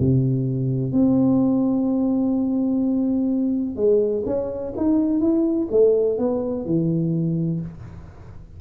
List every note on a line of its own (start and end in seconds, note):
0.00 0.93 C3
0.93 3.76 C4
3.76 4.24 G#3
4.26 4.74 C#4
4.77 5.21 D#4
5.21 5.68 E4
5.71 6.19 A3
6.19 6.66 B3
6.66 7.61 E3